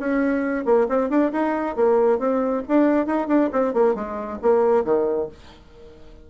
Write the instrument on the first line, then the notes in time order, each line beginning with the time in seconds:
bassoon
0.00 C#4
0.66 A#3
0.89 C4
1.10 D4
1.32 D#4
1.76 A#3
2.19 C4
2.68 D4
3.07 D#4
3.28 D4
3.53 C4
3.74 A#3
3.95 G#3
4.42 A#3
4.84 D#3